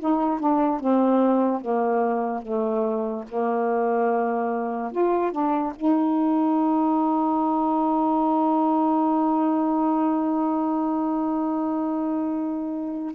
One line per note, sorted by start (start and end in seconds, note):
0.00 0.40 D#4
0.40 0.81 D4
0.81 1.61 C4
1.61 2.43 A#3
2.43 3.25 A3
3.30 4.92 A#3
4.92 5.32 F4
5.32 5.73 D4
5.76 13.15 D#4